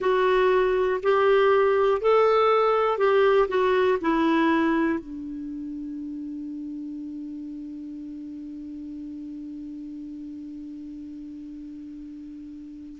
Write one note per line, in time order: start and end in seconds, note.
0.00 1.00 F#4
1.02 2.01 G4
2.01 2.98 A4
2.98 3.48 G4
3.48 3.98 F#4
4.00 4.99 E4
4.99 12.99 D4